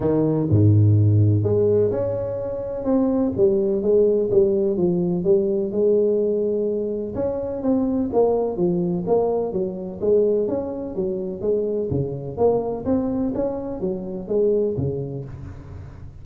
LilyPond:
\new Staff \with { instrumentName = "tuba" } { \time 4/4 \tempo 4 = 126 dis4 gis,2 gis4 | cis'2 c'4 g4 | gis4 g4 f4 g4 | gis2. cis'4 |
c'4 ais4 f4 ais4 | fis4 gis4 cis'4 fis4 | gis4 cis4 ais4 c'4 | cis'4 fis4 gis4 cis4 | }